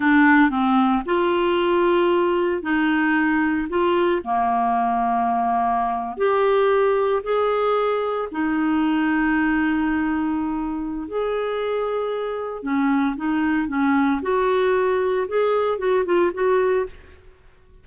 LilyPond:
\new Staff \with { instrumentName = "clarinet" } { \time 4/4 \tempo 4 = 114 d'4 c'4 f'2~ | f'4 dis'2 f'4 | ais2.~ ais8. g'16~ | g'4.~ g'16 gis'2 dis'16~ |
dis'1~ | dis'4 gis'2. | cis'4 dis'4 cis'4 fis'4~ | fis'4 gis'4 fis'8 f'8 fis'4 | }